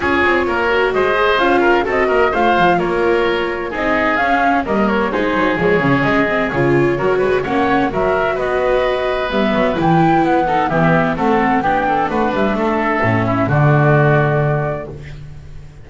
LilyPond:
<<
  \new Staff \with { instrumentName = "flute" } { \time 4/4 \tempo 4 = 129 cis''2 dis''4 f''4 | dis''4 f''4 cis''2 | dis''4 f''4 dis''8 cis''8 c''4 | cis''4 dis''4 cis''2 |
fis''4 e''4 dis''2 | e''4 g''4 fis''4 e''4 | fis''4 g''4 fis''8 e''4.~ | e''4 d''2. | }
  \new Staff \with { instrumentName = "oboe" } { \time 4/4 gis'4 ais'4 c''4. ais'8 | a'8 ais'8 c''4 ais'2 | gis'2 ais'4 gis'4~ | gis'2. ais'8 b'8 |
cis''4 ais'4 b'2~ | b'2~ b'8 a'8 g'4 | a'4 g'8 a'8 b'4 a'4~ | a'8 e'8 fis'2. | }
  \new Staff \with { instrumentName = "viola" } { \time 4/4 f'4. fis'4 gis'8 f'4 | fis'4 f'2. | dis'4 cis'4 ais4 dis'4 | gis8 cis'4 c'8 f'4 fis'4 |
cis'4 fis'2. | b4 e'4. dis'8 b4 | c'4 d'2. | cis'4 a2. | }
  \new Staff \with { instrumentName = "double bass" } { \time 4/4 cis'8 c'8 ais4 gis4 cis'4 | c'8 ais8 a8 f8 ais2 | c'4 cis'4 g4 gis8 fis8 | f8 cis8 gis4 cis4 fis8 gis8 |
ais4 fis4 b2 | g8 fis8 e4 b4 e4 | a4 b4 a8 g8 a4 | a,4 d2. | }
>>